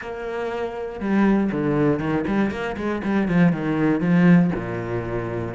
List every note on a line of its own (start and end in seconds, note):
0.01 1.00 A#3
1.00 1.50 G3
1.51 1.99 D3
1.99 2.25 D#3
2.27 2.50 G3
2.50 2.76 A#3
2.77 3.02 G#3
3.03 3.28 G3
3.28 3.52 F3
3.52 4.00 D#3
4.00 4.50 F3
4.55 5.54 A#2